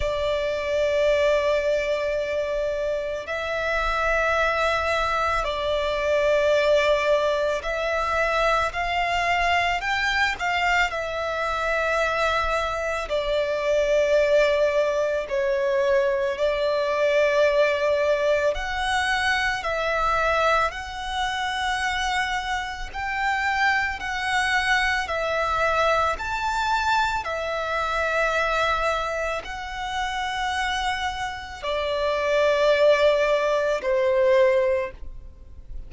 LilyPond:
\new Staff \with { instrumentName = "violin" } { \time 4/4 \tempo 4 = 55 d''2. e''4~ | e''4 d''2 e''4 | f''4 g''8 f''8 e''2 | d''2 cis''4 d''4~ |
d''4 fis''4 e''4 fis''4~ | fis''4 g''4 fis''4 e''4 | a''4 e''2 fis''4~ | fis''4 d''2 c''4 | }